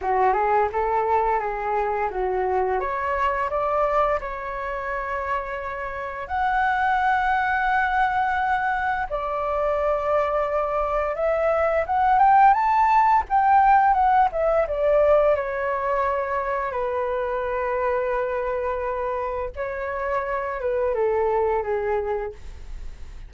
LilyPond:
\new Staff \with { instrumentName = "flute" } { \time 4/4 \tempo 4 = 86 fis'8 gis'8 a'4 gis'4 fis'4 | cis''4 d''4 cis''2~ | cis''4 fis''2.~ | fis''4 d''2. |
e''4 fis''8 g''8 a''4 g''4 | fis''8 e''8 d''4 cis''2 | b'1 | cis''4. b'8 a'4 gis'4 | }